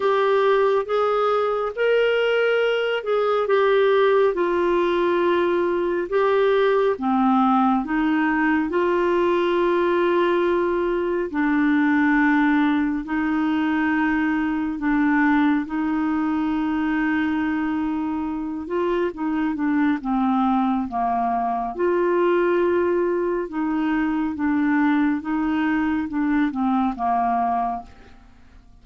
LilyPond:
\new Staff \with { instrumentName = "clarinet" } { \time 4/4 \tempo 4 = 69 g'4 gis'4 ais'4. gis'8 | g'4 f'2 g'4 | c'4 dis'4 f'2~ | f'4 d'2 dis'4~ |
dis'4 d'4 dis'2~ | dis'4. f'8 dis'8 d'8 c'4 | ais4 f'2 dis'4 | d'4 dis'4 d'8 c'8 ais4 | }